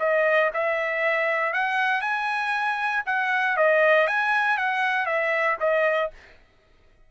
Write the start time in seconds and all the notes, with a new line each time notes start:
0.00 D#5
0.54 E5
1.53 F#5
2.01 G#5
3.06 F#5
3.57 D#5
4.07 G#5
4.58 F#5
5.06 E5
5.60 D#5